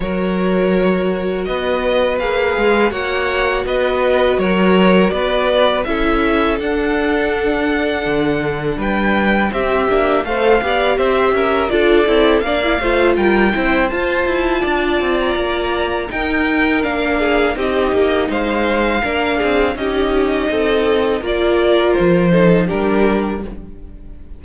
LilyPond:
<<
  \new Staff \with { instrumentName = "violin" } { \time 4/4 \tempo 4 = 82 cis''2 dis''4 f''4 | fis''4 dis''4 cis''4 d''4 | e''4 fis''2. | g''4 e''4 f''4 e''4 |
d''4 f''4 g''4 a''4~ | a''8. ais''4~ ais''16 g''4 f''4 | dis''4 f''2 dis''4~ | dis''4 d''4 c''4 ais'4 | }
  \new Staff \with { instrumentName = "violin" } { \time 4/4 ais'2 b'2 | cis''4 b'4 ais'4 b'4 | a'1 | b'4 g'4 c''8 d''8 c''8 ais'8 |
a'4 d''8 c''8 ais'8 c''4. | d''2 ais'4. gis'8 | g'4 c''4 ais'8 gis'8 g'4 | a'4 ais'4. a'8 g'4 | }
  \new Staff \with { instrumentName = "viola" } { \time 4/4 fis'2. gis'4 | fis'1 | e'4 d'2.~ | d'4 c'8 d'8 a'8 g'4. |
f'8 e'8 d'16 e'16 f'4 e'8 f'4~ | f'2 dis'4 d'4 | dis'2 d'4 dis'4~ | dis'4 f'4. dis'8 d'4 | }
  \new Staff \with { instrumentName = "cello" } { \time 4/4 fis2 b4 ais8 gis8 | ais4 b4 fis4 b4 | cis'4 d'2 d4 | g4 c'8 ais8 a8 b8 c'8 cis'8 |
d'8 c'8 ais8 a8 g8 c'8 f'8 e'8 | d'8 c'8 ais4 dis'4 ais4 | c'8 ais8 gis4 ais8 c'8 cis'4 | c'4 ais4 f4 g4 | }
>>